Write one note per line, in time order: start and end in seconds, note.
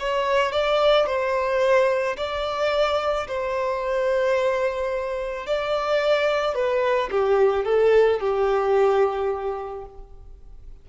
0.00 0.53 C#5
0.53 1.07 D5
1.07 2.17 C5
2.17 3.28 D5
3.28 5.47 C5
5.47 6.55 D5
6.55 7.10 B4
7.11 7.65 G4
7.65 8.20 A4
8.20 9.86 G4